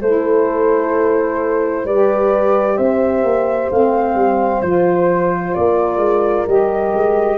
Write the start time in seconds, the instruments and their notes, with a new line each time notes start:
0.00 tuba A3, saxophone E4, horn A4, flute C5
1.84 tuba G3, saxophone G4, horn B4, flute D5
2.77 tuba C4, horn C5, flute E5
3.23 tuba A#3
3.71 tuba A3, saxophone C4, flute F5
4.15 tuba G3
4.62 tuba F3, saxophone F4, flute C5
5.54 tuba A#3, horn A#4, flute D5
5.97 tuba G#3
6.47 tuba G3, saxophone G4, flute D#5
6.94 tuba G#3